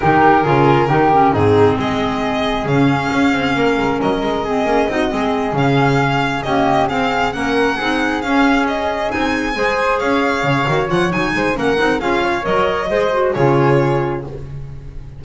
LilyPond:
<<
  \new Staff \with { instrumentName = "violin" } { \time 4/4 \tempo 4 = 135 ais'2. gis'4 | dis''2 f''2~ | f''4 dis''2.~ | dis''8 f''2 dis''4 f''8~ |
f''8 fis''2 f''4 dis''8~ | dis''8 gis''2 f''4.~ | f''8 fis''8 gis''4 fis''4 f''4 | dis''2 cis''2 | }
  \new Staff \with { instrumentName = "flute" } { \time 4/4 g'4 gis'4 g'4 dis'4 | gis'1 | ais'2 gis'4 fis'8 gis'8~ | gis'2~ gis'8 g'4 gis'8~ |
gis'8 ais'4 gis'2~ gis'8~ | gis'4. c''4 cis''4.~ | cis''4. c''8 ais'4 gis'8 cis''8~ | cis''4 c''4 gis'2 | }
  \new Staff \with { instrumentName = "clarinet" } { \time 4/4 dis'4 f'4 dis'8 cis'8 c'4~ | c'2 cis'2~ | cis'2 c'8 cis'8 dis'8 c'8~ | c'8 cis'2 ais4 c'8~ |
c'8 cis'4 dis'4 cis'4.~ | cis'8 dis'4 gis'2~ gis'8 | fis'8 f'8 dis'4 cis'8 dis'8 f'4 | ais'4 gis'8 fis'8 f'2 | }
  \new Staff \with { instrumentName = "double bass" } { \time 4/4 dis4 cis4 dis4 gis,4 | gis2 cis4 cis'8 c'8 | ais8 gis8 fis8 gis4 ais8 c'8 gis8~ | gis8 cis2 cis'4 c'8~ |
c'8 ais4 c'4 cis'4.~ | cis'8 c'4 gis4 cis'4 cis8 | dis8 f8 fis8 gis8 ais8 c'8 cis'4 | fis4 gis4 cis2 | }
>>